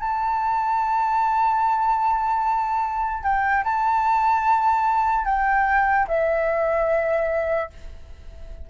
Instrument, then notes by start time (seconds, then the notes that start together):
flute
0.00 A5
3.24 G5
3.64 A5
5.26 G5
6.08 E5